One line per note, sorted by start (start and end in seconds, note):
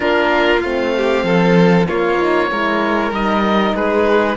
0.00 0.64 A#3
0.00 0.59 D4
0.00 0.94 F4
0.00 0.61 A#4
0.61 1.23 A3
0.61 1.86 C4
0.61 1.86 F5
0.96 1.25 G4
1.23 1.86 F3
1.23 1.87 A4
1.86 2.17 A#3
1.86 2.51 A#3
1.86 2.50 F4
1.86 3.12 C#5
2.17 2.48 D#4
2.51 3.11 G#3
2.51 3.11 E4
2.51 3.75 A#4
3.11 3.73 G3
3.11 4.36 D#4
3.11 3.75 D#5
3.74 4.36 G#3
3.74 4.36 G#4
3.74 4.36 B4